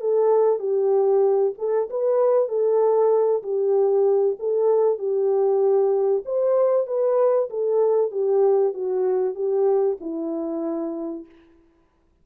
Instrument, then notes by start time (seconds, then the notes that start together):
horn
0.00 A4
0.59 G4
1.58 A4
1.90 B4
2.48 A4
3.43 G4
4.39 A4
4.98 G4
6.25 C5
6.86 B4
7.50 A4
8.11 G4
8.74 F#4
9.35 G4
10.00 E4